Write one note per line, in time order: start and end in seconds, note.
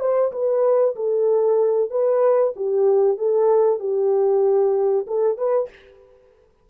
0.00 0.32 C5
0.32 0.95 B4
0.96 1.91 A4
1.91 2.54 B4
2.56 3.18 G4
3.18 3.80 A4
3.80 5.06 G4
5.07 5.38 A4
5.38 5.69 B4